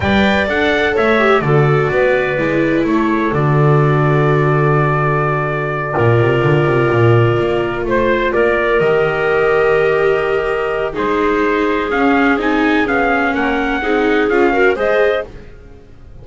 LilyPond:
<<
  \new Staff \with { instrumentName = "trumpet" } { \time 4/4 \tempo 4 = 126 g''4 fis''4 e''4 d''4~ | d''2 cis''4 d''4~ | d''1~ | d''1~ |
d''8 c''4 d''4 dis''4.~ | dis''2. c''4~ | c''4 f''4 gis''4 f''4 | fis''2 f''4 dis''4 | }
  \new Staff \with { instrumentName = "clarinet" } { \time 4/4 d''2 cis''4 a'4 | b'2 a'2~ | a'1~ | a'8 ais'2.~ ais'8~ |
ais'8 c''4 ais'2~ ais'8~ | ais'2. gis'4~ | gis'1 | ais'4 gis'4. ais'8 c''4 | }
  \new Staff \with { instrumentName = "viola" } { \time 4/4 b'4 a'4. g'8 fis'4~ | fis'4 e'2 fis'4~ | fis'1~ | fis'8 f'2.~ f'8~ |
f'2~ f'8 g'4.~ | g'2. dis'4~ | dis'4 cis'4 dis'4 cis'4~ | cis'4 dis'4 f'8 fis'8 gis'4 | }
  \new Staff \with { instrumentName = "double bass" } { \time 4/4 g4 d'4 a4 d4 | b4 gis4 a4 d4~ | d1~ | d8 ais,8 c8 d8 c8 ais,4 ais8~ |
ais8 a4 ais4 dis4.~ | dis2. gis4~ | gis4 cis'4 c'4 b4 | ais4 c'4 cis'4 gis4 | }
>>